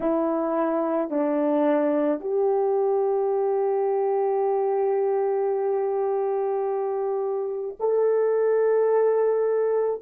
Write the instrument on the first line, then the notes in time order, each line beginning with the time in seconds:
horn
0.00 E4
1.10 D4
2.20 G4
7.79 A4